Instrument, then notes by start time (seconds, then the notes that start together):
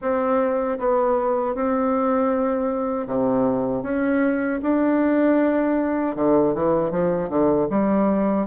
bassoon
0.01 C4
0.78 B3
1.54 C4
3.06 C3
3.83 C#4
4.62 D4
6.15 D3
6.54 E3
6.90 F3
7.29 D3
7.70 G3